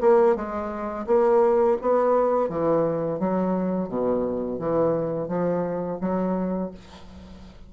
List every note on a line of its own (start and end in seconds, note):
0.00 0.35 A#3
0.35 1.06 G#3
1.07 1.77 A#3
1.81 2.48 B3
2.48 3.19 E3
3.19 3.88 F#3
3.88 4.59 B2
4.59 5.28 E3
5.28 5.98 F3
6.00 6.71 F#3